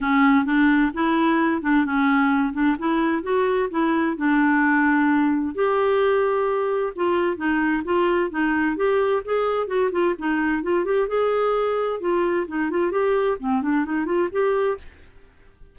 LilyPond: \new Staff \with { instrumentName = "clarinet" } { \time 4/4 \tempo 4 = 130 cis'4 d'4 e'4. d'8 | cis'4. d'8 e'4 fis'4 | e'4 d'2. | g'2. f'4 |
dis'4 f'4 dis'4 g'4 | gis'4 fis'8 f'8 dis'4 f'8 g'8 | gis'2 f'4 dis'8 f'8 | g'4 c'8 d'8 dis'8 f'8 g'4 | }